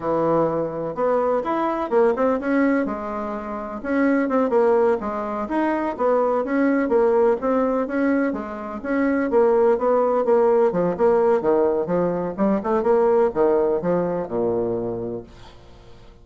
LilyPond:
\new Staff \with { instrumentName = "bassoon" } { \time 4/4 \tempo 4 = 126 e2 b4 e'4 | ais8 c'8 cis'4 gis2 | cis'4 c'8 ais4 gis4 dis'8~ | dis'8 b4 cis'4 ais4 c'8~ |
c'8 cis'4 gis4 cis'4 ais8~ | ais8 b4 ais4 f8 ais4 | dis4 f4 g8 a8 ais4 | dis4 f4 ais,2 | }